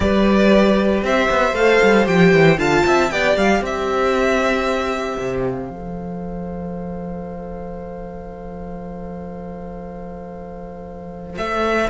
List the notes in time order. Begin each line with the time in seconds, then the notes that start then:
0.00 G3 G4 B4 D5
1.02 C4 C5 E5
1.30 B3
1.52 A3 A4 F5
1.82 G3
2.05 F3 G4 G5
2.31 E3
2.57 D3 F4 F5 A5
2.86 C4 E5
3.10 B3 G4 D5 G5
3.36 G3 F5
3.61 C4 C5 E5
5.19 C3
5.39 F5
5.69 F3 A4
11.37 A3 E5